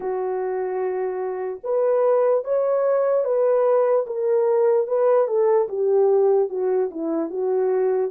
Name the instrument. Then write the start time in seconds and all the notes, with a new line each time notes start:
horn
0.00 F#4
1.63 B4
2.44 C#5
3.24 B4
4.06 A#4
4.87 B4
5.27 A4
5.68 G4
6.49 F#4
6.90 E4
7.30 F#4